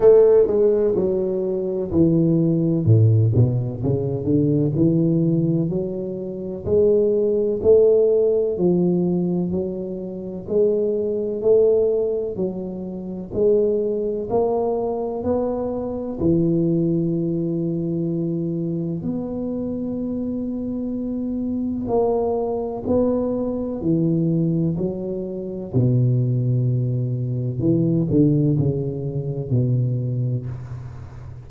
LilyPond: \new Staff \with { instrumentName = "tuba" } { \time 4/4 \tempo 4 = 63 a8 gis8 fis4 e4 a,8 b,8 | cis8 d8 e4 fis4 gis4 | a4 f4 fis4 gis4 | a4 fis4 gis4 ais4 |
b4 e2. | b2. ais4 | b4 e4 fis4 b,4~ | b,4 e8 d8 cis4 b,4 | }